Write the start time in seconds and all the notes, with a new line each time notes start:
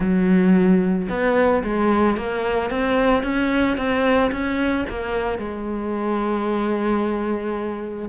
0.00 F#3
1.09 B3
1.63 G#3
2.16 A#3
2.70 C4
3.23 C#4
3.77 C4
4.31 C#4
4.89 A#3
5.38 G#3